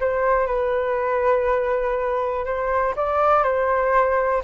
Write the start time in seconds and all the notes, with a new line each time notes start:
0.00 C5
0.46 B4
2.45 C5
2.96 D5
3.43 C5